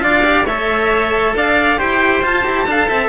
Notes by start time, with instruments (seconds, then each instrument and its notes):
0.00 cello D4 F4, trumpet D5, violin F5
0.24 cello G4
0.45 cello A3 A4, trumpet C#5, violin E5
1.35 cello D4, trumpet D5, violin F5
1.78 cello E4 G4, trumpet C5, violin G5
2.23 cello F4, violin A5
2.45 cello E4 G4
2.66 cello D4 A4, trumpet F5
2.89 cello C4, trumpet E5